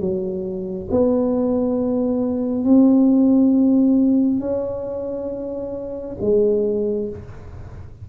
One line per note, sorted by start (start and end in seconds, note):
0.00 0.88 F#3
0.91 2.64 B3
2.64 4.40 C4
4.40 6.17 C#4
6.21 7.09 G#3